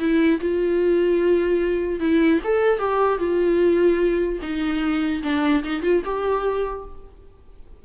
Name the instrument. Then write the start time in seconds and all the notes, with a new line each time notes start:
viola
0.00 E4
0.41 F4
2.00 E4
2.45 A4
2.79 G4
3.19 F4
4.42 D#4
5.23 D4
5.64 D#4
5.83 F4
6.05 G4